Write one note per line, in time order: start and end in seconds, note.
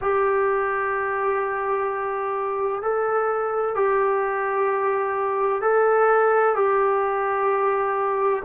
0.01 2.81 G4
2.81 3.75 A4
3.75 5.61 G4
5.61 6.55 A4
6.55 8.42 G4